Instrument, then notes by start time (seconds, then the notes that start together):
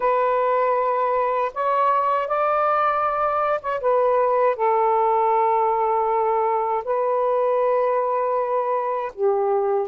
saxophone
0.00 B4
1.54 C#5
2.27 D5
3.61 C#5
3.80 B4
4.56 A4
6.84 B4
9.14 G4